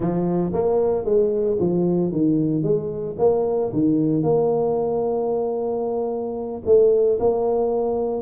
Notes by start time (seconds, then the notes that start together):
0.00 F3
0.53 A#3
1.04 G#3
1.59 F3
2.12 D#3
2.63 G#3
3.18 A#3
3.72 D#3
4.22 A#3
6.65 A3
7.19 A#3